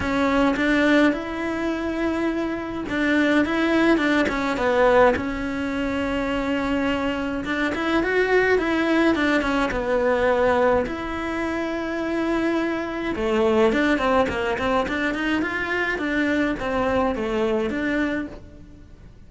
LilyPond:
\new Staff \with { instrumentName = "cello" } { \time 4/4 \tempo 4 = 105 cis'4 d'4 e'2~ | e'4 d'4 e'4 d'8 cis'8 | b4 cis'2.~ | cis'4 d'8 e'8 fis'4 e'4 |
d'8 cis'8 b2 e'4~ | e'2. a4 | d'8 c'8 ais8 c'8 d'8 dis'8 f'4 | d'4 c'4 a4 d'4 | }